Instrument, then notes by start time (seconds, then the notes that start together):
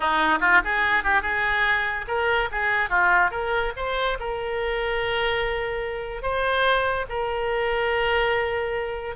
oboe
0.00 D#4
0.40 F4
0.64 G#4
1.03 G4
1.22 G#4
2.07 A#4
2.51 G#4
2.89 F4
3.30 A#4
3.76 C5
4.19 A#4
6.22 C5
7.09 A#4